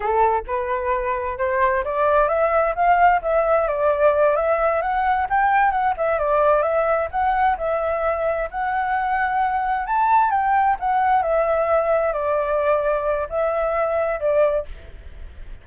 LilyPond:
\new Staff \with { instrumentName = "flute" } { \time 4/4 \tempo 4 = 131 a'4 b'2 c''4 | d''4 e''4 f''4 e''4 | d''4. e''4 fis''4 g''8~ | g''8 fis''8 e''8 d''4 e''4 fis''8~ |
fis''8 e''2 fis''4.~ | fis''4. a''4 g''4 fis''8~ | fis''8 e''2 d''4.~ | d''4 e''2 d''4 | }